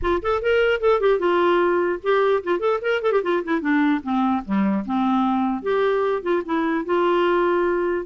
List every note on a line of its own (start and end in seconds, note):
0.01 0.22 F4
0.22 0.42 A4
0.42 0.80 A#4
0.80 1.00 A4
1.00 1.19 G4
1.19 1.99 F4
2.03 2.43 G4
2.43 2.59 F4
2.59 2.79 A4
2.81 3.01 A#4
3.02 3.12 A4
3.12 3.22 G4
3.23 3.43 F4
3.44 3.60 E4
3.60 4.01 D4
4.02 4.43 C4
4.44 4.84 G3
4.85 5.62 C4
5.62 6.22 G4
6.22 6.42 F4
6.45 6.85 E4
6.85 8.05 F4